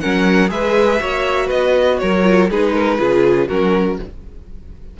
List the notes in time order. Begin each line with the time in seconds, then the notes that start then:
0.00 F#3 C#4 A#4 F#5
0.48 G#3 G#4 B4 E5
0.99 A#3 F#4 C#5
1.46 B3 B4 D#5
1.98 F#3 A#4 C#5
2.23 F4
2.50 G#3 D#4 G#4 B4
2.73 A#4
2.98 C#3 F4 G#4
3.48 F#3 C#4 F#4 A#4